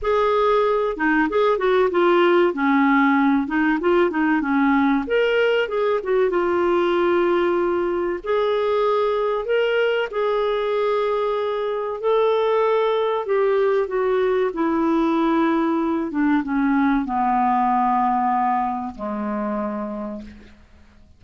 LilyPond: \new Staff \with { instrumentName = "clarinet" } { \time 4/4 \tempo 4 = 95 gis'4. dis'8 gis'8 fis'8 f'4 | cis'4. dis'8 f'8 dis'8 cis'4 | ais'4 gis'8 fis'8 f'2~ | f'4 gis'2 ais'4 |
gis'2. a'4~ | a'4 g'4 fis'4 e'4~ | e'4. d'8 cis'4 b4~ | b2 gis2 | }